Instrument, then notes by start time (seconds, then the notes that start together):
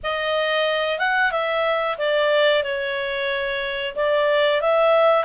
clarinet
0.03 D#5
0.98 F#5
1.31 E5
1.98 D5
2.63 C#5
3.95 D5
4.61 E5